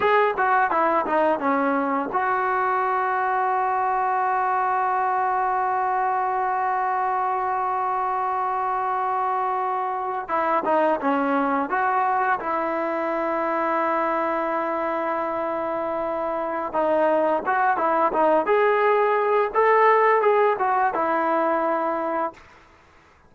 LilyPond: \new Staff \with { instrumentName = "trombone" } { \time 4/4 \tempo 4 = 86 gis'8 fis'8 e'8 dis'8 cis'4 fis'4~ | fis'1~ | fis'1~ | fis'2~ fis'8. e'8 dis'8 cis'16~ |
cis'8. fis'4 e'2~ e'16~ | e'1 | dis'4 fis'8 e'8 dis'8 gis'4. | a'4 gis'8 fis'8 e'2 | }